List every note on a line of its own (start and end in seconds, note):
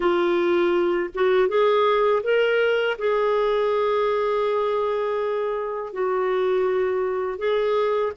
0.00 1.09 F4
1.14 1.48 F#4
1.48 2.22 G#4
2.23 2.97 A#4
2.98 5.93 G#4
5.93 7.38 F#4
7.38 8.12 G#4